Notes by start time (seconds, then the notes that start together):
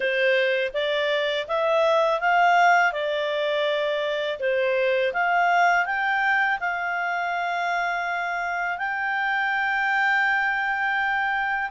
0.00 C5
0.73 D5
1.47 E5
2.20 F5
2.92 D5
4.39 C5
5.13 F5
5.85 G5
6.60 F5
8.78 G5